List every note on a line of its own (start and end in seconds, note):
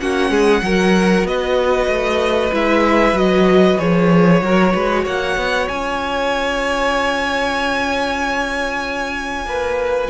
0.00 0.30 A#3
0.00 0.63 C#4
0.00 0.31 F#4
0.00 1.27 F#5
0.30 0.62 G#3
0.30 0.62 G#4
0.63 1.24 F#3
0.63 2.53 F#4
0.63 1.28 A#4
1.24 1.87 B3
1.24 4.44 B4
1.24 2.54 D#5
1.88 2.51 A3
2.53 3.13 G#3
2.53 3.15 E4
2.53 3.18 E5
3.13 3.76 F#3
3.13 3.79 F#4
3.13 3.79 D#5
3.79 4.42 F3
3.79 4.42 G#4
3.79 5.05 C#5
4.42 4.74 F#3
4.42 5.70 F#4
4.42 4.74 A#4
4.74 5.06 G#3
4.74 5.04 B4
5.04 5.36 A#3
5.04 9.46 C#5
5.04 5.69 F#5
5.36 5.68 B3
5.69 9.46 C#4
5.69 10.10 F4
5.69 10.10 G#5
9.46 10.09 A#3
9.46 10.10 B4